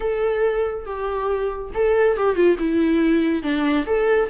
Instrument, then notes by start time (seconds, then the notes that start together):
viola
0.00 A4
0.85 G4
1.74 A4
2.17 G4
2.35 F4
2.58 E4
3.42 D4
3.86 A4